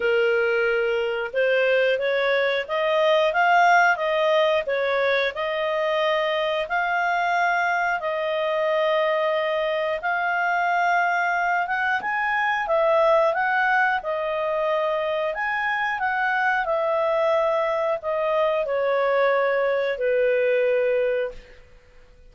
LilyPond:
\new Staff \with { instrumentName = "clarinet" } { \time 4/4 \tempo 4 = 90 ais'2 c''4 cis''4 | dis''4 f''4 dis''4 cis''4 | dis''2 f''2 | dis''2. f''4~ |
f''4. fis''8 gis''4 e''4 | fis''4 dis''2 gis''4 | fis''4 e''2 dis''4 | cis''2 b'2 | }